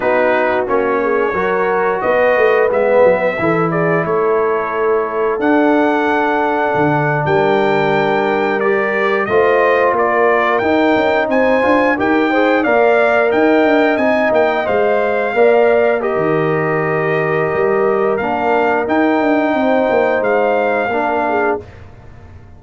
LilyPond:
<<
  \new Staff \with { instrumentName = "trumpet" } { \time 4/4 \tempo 4 = 89 b'4 cis''2 dis''4 | e''4. d''8 cis''2 | fis''2~ fis''8. g''4~ g''16~ | g''8. d''4 dis''4 d''4 g''16~ |
g''8. gis''4 g''4 f''4 g''16~ | g''8. gis''8 g''8 f''2 dis''16~ | dis''2. f''4 | g''2 f''2 | }
  \new Staff \with { instrumentName = "horn" } { \time 4/4 fis'4. gis'8 ais'4 b'4~ | b'4 a'8 gis'8 a'2~ | a'2~ a'8. ais'4~ ais'16~ | ais'4.~ ais'16 c''4 ais'4~ ais'16~ |
ais'8. c''4 ais'8 c''8 d''4 dis''16~ | dis''2~ dis''8. d''4 ais'16~ | ais'1~ | ais'4 c''2 ais'8 gis'8 | }
  \new Staff \with { instrumentName = "trombone" } { \time 4/4 dis'4 cis'4 fis'2 | b4 e'2. | d'1~ | d'8. g'4 f'2 dis'16~ |
dis'4~ dis'16 f'8 g'8 gis'8 ais'4~ ais'16~ | ais'8. dis'4 c''4 ais'4 g'16~ | g'2. d'4 | dis'2. d'4 | }
  \new Staff \with { instrumentName = "tuba" } { \time 4/4 b4 ais4 fis4 b8 a8 | gis8 fis8 e4 a2 | d'2 d8. g4~ g16~ | g4.~ g16 a4 ais4 dis'16~ |
dis'16 cis'8 c'8 d'8 dis'4 ais4 dis'16~ | dis'16 d'8 c'8 ais8 gis4 ais4~ ais16 | dis2 g4 ais4 | dis'8 d'8 c'8 ais8 gis4 ais4 | }
>>